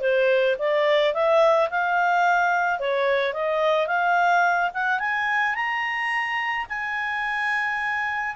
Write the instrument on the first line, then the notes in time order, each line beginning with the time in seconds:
clarinet
0.00 C5
0.58 D5
1.13 E5
1.70 F5
2.79 C#5
3.33 D#5
3.87 F5
4.73 F#5
4.99 G#5
5.55 A#5
6.69 G#5